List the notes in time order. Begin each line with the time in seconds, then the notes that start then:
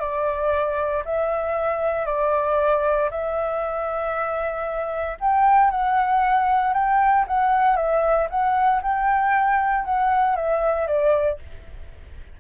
0.00 D5
1.05 E5
2.06 D5
3.11 E5
5.21 G5
5.71 F#5
6.74 G5
7.27 F#5
7.76 E5
8.30 F#5
8.82 G5
9.85 F#5
10.36 E5
10.87 D5